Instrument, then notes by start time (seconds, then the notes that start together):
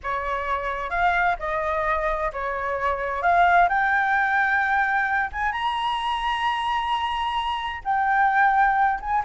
flute
0.03 C#5
0.90 F5
1.39 D#5
2.32 C#5
3.22 F5
3.68 G5
5.32 G#5
5.52 A#5
7.84 G5
9.00 G#5